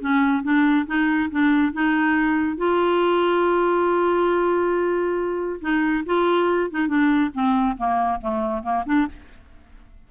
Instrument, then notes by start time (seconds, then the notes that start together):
clarinet
0.00 C#4
0.42 D4
0.86 D#4
1.31 D4
1.72 D#4
2.57 F4
5.61 D#4
6.05 F4
6.70 D#4
6.87 D4
7.33 C4
7.77 A#3
8.21 A3
8.62 A#3
8.85 D4